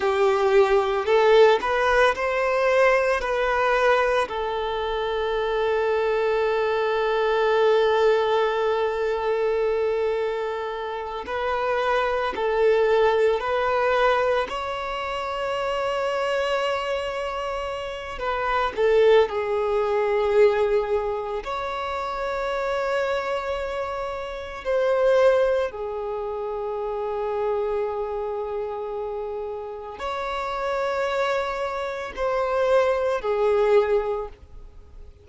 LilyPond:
\new Staff \with { instrumentName = "violin" } { \time 4/4 \tempo 4 = 56 g'4 a'8 b'8 c''4 b'4 | a'1~ | a'2~ a'8 b'4 a'8~ | a'8 b'4 cis''2~ cis''8~ |
cis''4 b'8 a'8 gis'2 | cis''2. c''4 | gis'1 | cis''2 c''4 gis'4 | }